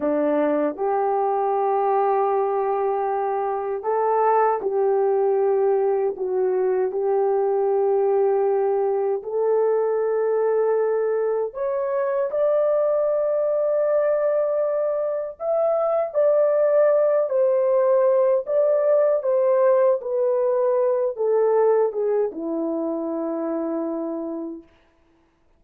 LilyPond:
\new Staff \with { instrumentName = "horn" } { \time 4/4 \tempo 4 = 78 d'4 g'2.~ | g'4 a'4 g'2 | fis'4 g'2. | a'2. cis''4 |
d''1 | e''4 d''4. c''4. | d''4 c''4 b'4. a'8~ | a'8 gis'8 e'2. | }